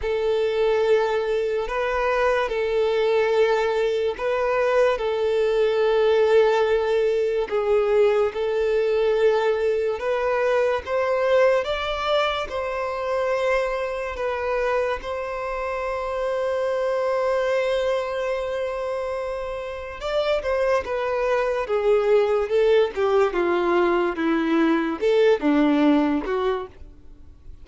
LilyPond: \new Staff \with { instrumentName = "violin" } { \time 4/4 \tempo 4 = 72 a'2 b'4 a'4~ | a'4 b'4 a'2~ | a'4 gis'4 a'2 | b'4 c''4 d''4 c''4~ |
c''4 b'4 c''2~ | c''1 | d''8 c''8 b'4 gis'4 a'8 g'8 | f'4 e'4 a'8 d'4 fis'8 | }